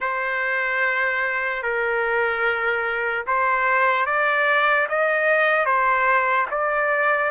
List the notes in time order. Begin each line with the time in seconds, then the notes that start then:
0.00 C5
1.63 A#4
3.27 C5
4.06 D5
4.89 D#5
5.65 C5
6.50 D5